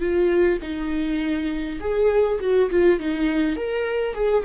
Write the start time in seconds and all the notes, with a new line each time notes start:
0.00 F4
0.62 D#4
1.80 G#4
2.40 F#4
2.70 F4
2.99 D#4
3.56 A#4
4.14 G#4